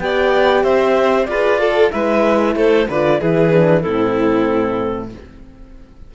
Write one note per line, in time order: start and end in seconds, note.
0.00 0.63 B3
0.00 1.28 G4
0.00 0.64 D5
0.00 0.64 G5
0.63 1.27 C4
0.63 1.28 C5
0.63 1.26 E5
1.26 1.91 F4
1.26 1.59 G#4
1.26 1.61 B4
1.26 1.90 D5
1.59 1.91 A4
1.59 1.92 A4
1.91 2.56 G#3
1.91 2.87 E4
1.91 2.55 B4
1.91 2.55 E5
2.56 2.88 A3
2.56 2.89 A4
2.56 2.88 C5
2.89 3.21 D3
2.89 3.20 F4
2.89 3.20 B4
2.89 3.21 D5
3.20 3.86 E3
3.20 3.52 E4
3.20 3.83 G#4
3.20 3.82 B4
3.52 3.83 D4
3.82 5.15 A2
3.82 5.10 C4
3.82 5.11 E4
3.82 5.10 A4